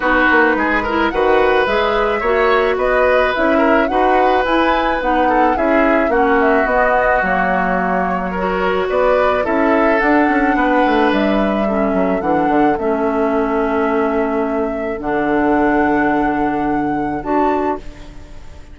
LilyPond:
<<
  \new Staff \with { instrumentName = "flute" } { \time 4/4 \tempo 4 = 108 b'2 fis''4 e''4~ | e''4 dis''4 e''4 fis''4 | gis''4 fis''4 e''4 fis''8 e''8 | dis''4 cis''2. |
d''4 e''4 fis''2 | e''2 fis''4 e''4~ | e''2. fis''4~ | fis''2. a''4 | }
  \new Staff \with { instrumentName = "oboe" } { \time 4/4 fis'4 gis'8 ais'8 b'2 | cis''4 b'4. ais'8 b'4~ | b'4. a'8 gis'4 fis'4~ | fis'2. ais'4 |
b'4 a'2 b'4~ | b'4 a'2.~ | a'1~ | a'1 | }
  \new Staff \with { instrumentName = "clarinet" } { \time 4/4 dis'4. e'8 fis'4 gis'4 | fis'2 e'4 fis'4 | e'4 dis'4 e'4 cis'4 | b4 ais2 fis'4~ |
fis'4 e'4 d'2~ | d'4 cis'4 d'4 cis'4~ | cis'2. d'4~ | d'2. fis'4 | }
  \new Staff \with { instrumentName = "bassoon" } { \time 4/4 b8 ais8 gis4 dis4 gis4 | ais4 b4 cis'4 dis'4 | e'4 b4 cis'4 ais4 | b4 fis2. |
b4 cis'4 d'8 cis'8 b8 a8 | g4. fis8 e8 d8 a4~ | a2. d4~ | d2. d'4 | }
>>